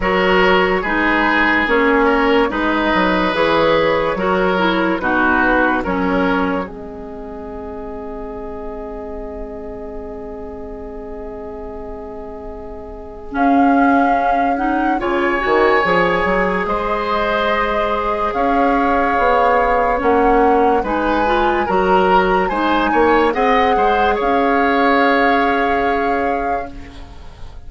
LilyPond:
<<
  \new Staff \with { instrumentName = "flute" } { \time 4/4 \tempo 4 = 72 cis''4 b'4 cis''4 dis''4 | cis''2 b'4 cis''4 | dis''1~ | dis''1 |
f''4. fis''8 gis''2 | dis''2 f''2 | fis''4 gis''4 ais''4 gis''4 | fis''4 f''2. | }
  \new Staff \with { instrumentName = "oboe" } { \time 4/4 ais'4 gis'4. ais'8 b'4~ | b'4 ais'4 fis'4 ais'4 | gis'1~ | gis'1~ |
gis'2 cis''2 | c''2 cis''2~ | cis''4 b'4 ais'4 c''8 cis''8 | dis''8 c''8 cis''2. | }
  \new Staff \with { instrumentName = "clarinet" } { \time 4/4 fis'4 dis'4 cis'4 dis'4 | gis'4 fis'8 e'8 dis'4 cis'4 | c'1~ | c'1 |
cis'4. dis'8 f'8 fis'8 gis'4~ | gis'1 | cis'4 dis'8 f'8 fis'4 dis'4 | gis'1 | }
  \new Staff \with { instrumentName = "bassoon" } { \time 4/4 fis4 gis4 ais4 gis8 fis8 | e4 fis4 b,4 fis4 | gis1~ | gis1 |
cis'2 cis8 dis8 f8 fis8 | gis2 cis'4 b4 | ais4 gis4 fis4 gis8 ais8 | c'8 gis8 cis'2. | }
>>